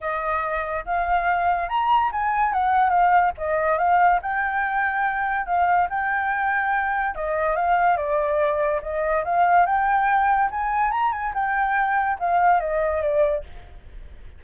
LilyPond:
\new Staff \with { instrumentName = "flute" } { \time 4/4 \tempo 4 = 143 dis''2 f''2 | ais''4 gis''4 fis''4 f''4 | dis''4 f''4 g''2~ | g''4 f''4 g''2~ |
g''4 dis''4 f''4 d''4~ | d''4 dis''4 f''4 g''4~ | g''4 gis''4 ais''8 gis''8 g''4~ | g''4 f''4 dis''4 d''4 | }